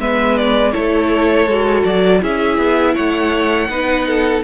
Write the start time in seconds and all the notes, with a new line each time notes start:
0.00 G#3 B3 B4 E5
0.38 D5
0.73 A3 E4 A4 C#5
1.47 G#3 F#4
1.85 F#3 D5
2.21 C#4 E4 G#4 E5
2.58 B3
2.95 A3 C#5 F#5
3.69 B3 D#4 B4
4.08 A4